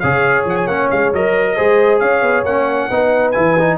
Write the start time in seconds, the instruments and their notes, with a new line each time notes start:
0.00 tuba C#3, trombone G#4, horn C#5, trumpet F5
0.45 tuba F3, trumpet F#5
0.57 trumpet G#5
0.67 tuba A#3, trombone C#4, trumpet F#5
0.91 tuba G#3, trumpet F5
1.13 tuba F#3, trombone A#4, trumpet D#5
1.56 tuba G#3, trombone G#4, horn C5
2.00 tuba C#4, horn C#5, trumpet F5
2.22 tuba B3
2.44 tuba A#3, trombone C#4, trumpet F#5
2.89 tuba B3, trombone D#4, horn B4
3.32 tuba E3, trombone E4, trumpet G#5
3.59 trombone D#4